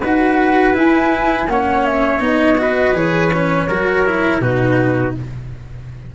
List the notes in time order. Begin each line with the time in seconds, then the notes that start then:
0.00 D#4 F#4 B4 F#5
0.74 E4 G#5
1.47 A#3 C#4 C#5 F#5
1.86 E5
2.20 B3 D#4 D#5
2.58 F#4 B4
2.93 E3 G#4 C#5
3.33 C#4
3.68 F#3 F#4 A#4
4.06 E4
4.40 B2 D#4 F#4 B4